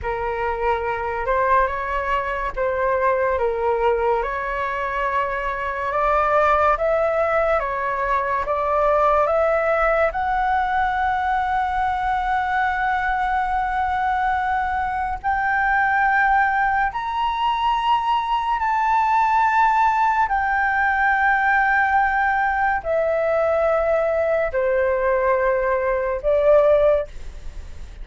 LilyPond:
\new Staff \with { instrumentName = "flute" } { \time 4/4 \tempo 4 = 71 ais'4. c''8 cis''4 c''4 | ais'4 cis''2 d''4 | e''4 cis''4 d''4 e''4 | fis''1~ |
fis''2 g''2 | ais''2 a''2 | g''2. e''4~ | e''4 c''2 d''4 | }